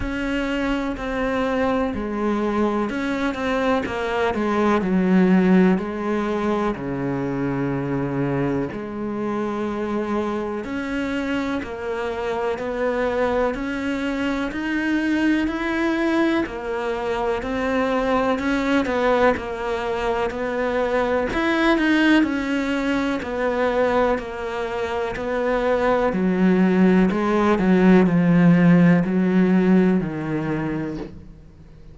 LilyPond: \new Staff \with { instrumentName = "cello" } { \time 4/4 \tempo 4 = 62 cis'4 c'4 gis4 cis'8 c'8 | ais8 gis8 fis4 gis4 cis4~ | cis4 gis2 cis'4 | ais4 b4 cis'4 dis'4 |
e'4 ais4 c'4 cis'8 b8 | ais4 b4 e'8 dis'8 cis'4 | b4 ais4 b4 fis4 | gis8 fis8 f4 fis4 dis4 | }